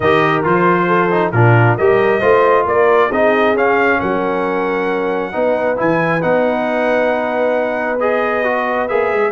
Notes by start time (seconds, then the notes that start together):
0.00 D#3 G4 A#4 D#5
0.43 F3 F4 C5
0.87 A4
1.10 D#4
1.31 A#2 D4 F4 A#4
1.77 G3 G4 A#4 D#5
2.19 A3 F4 C5
2.65 A#3 A#4 D5
3.09 C4 D#4 G#4 D#5
3.54 C#4 F5
3.99 F#3 A#4 F#5
5.32 B3 D#4 B4
5.76 E3 E4 G#5
6.21 B3 D#4 F#5
7.99 G#4 D#5
8.44 F#4
8.87 A#3 G#4 E5
9.12 G#3